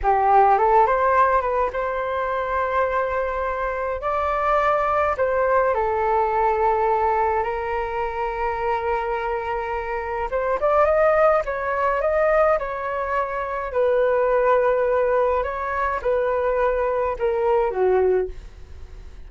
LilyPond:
\new Staff \with { instrumentName = "flute" } { \time 4/4 \tempo 4 = 105 g'4 a'8 c''4 b'8 c''4~ | c''2. d''4~ | d''4 c''4 a'2~ | a'4 ais'2.~ |
ais'2 c''8 d''8 dis''4 | cis''4 dis''4 cis''2 | b'2. cis''4 | b'2 ais'4 fis'4 | }